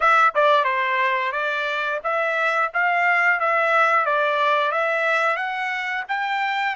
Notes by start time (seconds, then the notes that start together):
0.00 E5
0.34 D5
0.64 C5
1.32 D5
2.03 E5
2.73 F5
3.40 E5
4.05 D5
4.71 E5
5.36 F#5
6.08 G5